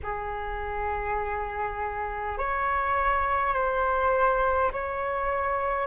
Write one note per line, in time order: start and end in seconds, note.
0.02 2.37 G#4
2.37 3.53 C#5
3.53 4.71 C5
4.72 5.86 C#5